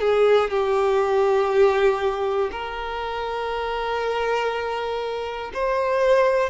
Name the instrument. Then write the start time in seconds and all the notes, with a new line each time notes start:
violin
0.00 G#4
0.50 G4
2.51 A#4
5.54 C5